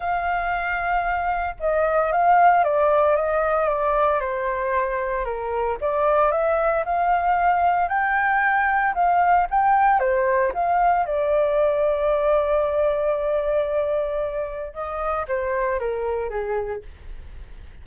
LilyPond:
\new Staff \with { instrumentName = "flute" } { \time 4/4 \tempo 4 = 114 f''2. dis''4 | f''4 d''4 dis''4 d''4 | c''2 ais'4 d''4 | e''4 f''2 g''4~ |
g''4 f''4 g''4 c''4 | f''4 d''2.~ | d''1 | dis''4 c''4 ais'4 gis'4 | }